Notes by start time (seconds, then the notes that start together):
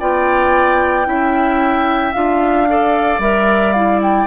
0.00 B3 F4 D5 G5
1.06 C#4 E4 E5
2.13 D4 F4 F5
2.69 A4 D5
3.19 G3 A#4 E5
3.74 E4 F5
4.03 G5